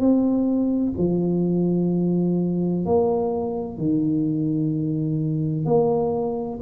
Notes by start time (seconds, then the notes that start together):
0.00 C4
0.98 F3
2.86 A#3
3.78 D#3
5.66 A#3